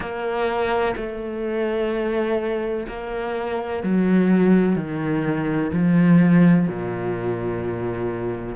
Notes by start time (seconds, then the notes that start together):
0.00 A#3
0.96 A3
2.87 A#3
3.83 F#3
4.75 D#3
5.72 F3
6.67 A#2